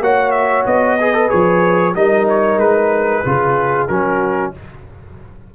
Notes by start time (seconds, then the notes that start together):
0.00 A#3 F#4 C#5 F#5
0.31 E5
0.66 B3 D#5
1.00 G#4 B4
1.13 A4
1.28 F3 G#4 C#5
1.95 G3 D#4 A#4 D#5
2.29 C#5
2.57 G#3 B4
3.25 C#3 F4 G#4
3.88 F#3 C#4 F#4 A#4